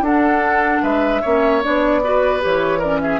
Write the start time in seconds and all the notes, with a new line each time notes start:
0.00 D4 A4 F#5
0.82 G#3 B4 E5
1.21 A#3 C#4 C#5
1.62 B3 D4 D5
2.03 F#4 B4
2.40 E3 G4 C#5
2.79 C#4 A#4 D5
3.01 G#4 E5